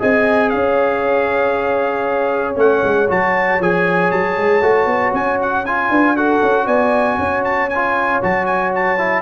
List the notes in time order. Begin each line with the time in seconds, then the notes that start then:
0.00 C4 G#4 D#5 G#5
0.50 C#4 C#5 F5
2.56 A3 C#4 F#5
2.84 G#3
3.09 F#3 F#4 A5
3.60 F3 G#4 G#5
4.11 F#3 A5
4.37 G#3
4.62 A3 F#4
4.86 B3
5.13 C#4 G#5
5.42 F#5
5.66 F4 G#5
5.90 D4 B4
6.17 F#4 A4 F#5
6.43 C#4
6.66 B3 D5 G#5
7.19 C#4 C#5
7.44 A5
7.70 F4 G#5
8.22 F#3 F#4 A5
8.46 G#5
8.75 A5
8.98 E4